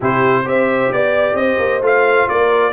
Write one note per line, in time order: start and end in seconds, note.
0.00 0.45 C3
0.00 0.44 E4
0.00 0.44 G4
0.00 0.48 C5
0.44 0.91 C4
0.44 1.82 G4
0.44 0.94 C5
0.44 0.92 E5
0.92 1.33 B3
0.92 1.35 D5
0.92 1.39 D5
1.33 1.56 C4
1.33 1.81 D#5
1.40 2.29 C5
1.58 1.81 A#3
1.81 2.27 A3
1.81 2.72 F4
1.81 2.28 F5
2.28 2.72 A#3
2.28 2.72 A#4
2.28 2.72 D5